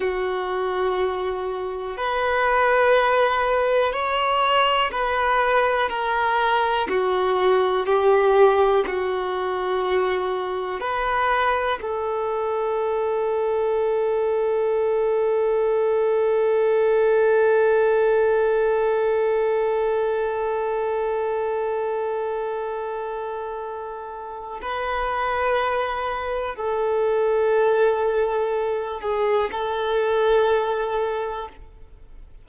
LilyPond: \new Staff \with { instrumentName = "violin" } { \time 4/4 \tempo 4 = 61 fis'2 b'2 | cis''4 b'4 ais'4 fis'4 | g'4 fis'2 b'4 | a'1~ |
a'1~ | a'1~ | a'4 b'2 a'4~ | a'4. gis'8 a'2 | }